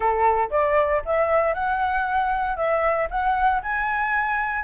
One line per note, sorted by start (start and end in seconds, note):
0.00 0.49 A4
0.50 1.02 D5
1.05 1.54 E5
1.54 2.56 F#5
2.56 3.08 E5
3.10 3.62 F#5
3.62 4.64 G#5